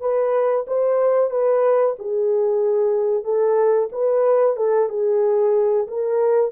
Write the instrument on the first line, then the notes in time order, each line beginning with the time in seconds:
horn
0.00 B4
0.67 C5
1.30 B4
1.98 G#4
3.24 A4
3.92 B4
4.56 A4
4.89 G#4
5.87 A#4